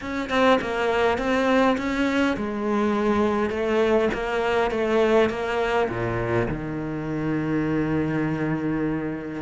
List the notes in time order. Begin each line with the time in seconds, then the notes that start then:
0.01 C#4
0.29 C4
0.61 A#3
1.18 C4
1.77 C#4
2.36 G#3
3.50 A3
4.13 A#3
4.71 A3
5.29 A#3
5.89 A#2
6.48 D#3